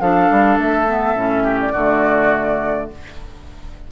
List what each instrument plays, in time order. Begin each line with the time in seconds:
0.00 bassoon F3, clarinet D4, oboe A4, flute F5
0.30 bassoon G3
0.58 bassoon A3, flute E5
0.87 clarinet B3
1.15 bassoon A2, clarinet C#4
1.43 oboe G4
1.60 flute D5
1.72 bassoon D3, clarinet A3, oboe F#4